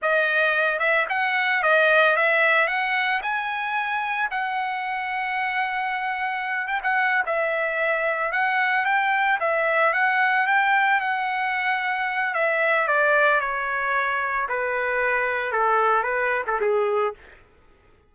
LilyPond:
\new Staff \with { instrumentName = "trumpet" } { \time 4/4 \tempo 4 = 112 dis''4. e''8 fis''4 dis''4 | e''4 fis''4 gis''2 | fis''1~ | fis''8 g''16 fis''8. e''2 fis''8~ |
fis''8 g''4 e''4 fis''4 g''8~ | g''8 fis''2~ fis''8 e''4 | d''4 cis''2 b'4~ | b'4 a'4 b'8. a'16 gis'4 | }